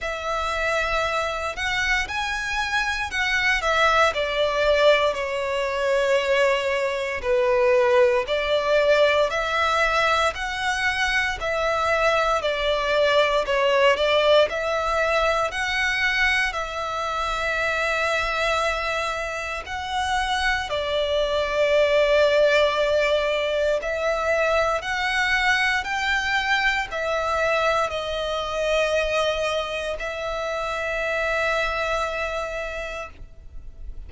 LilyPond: \new Staff \with { instrumentName = "violin" } { \time 4/4 \tempo 4 = 58 e''4. fis''8 gis''4 fis''8 e''8 | d''4 cis''2 b'4 | d''4 e''4 fis''4 e''4 | d''4 cis''8 d''8 e''4 fis''4 |
e''2. fis''4 | d''2. e''4 | fis''4 g''4 e''4 dis''4~ | dis''4 e''2. | }